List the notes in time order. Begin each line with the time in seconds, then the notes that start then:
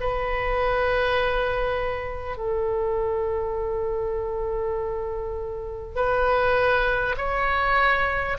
0.00 B4
2.37 A4
5.95 B4
7.17 C#5